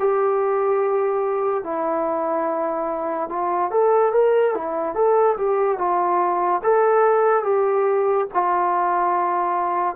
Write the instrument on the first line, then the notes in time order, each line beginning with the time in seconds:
trombone
0.00 G4
1.64 E4
3.30 F4
3.71 A4
4.13 A#4
4.55 E4
4.95 A4
5.37 G4
5.78 F4
6.64 A4
7.44 G4
8.34 F4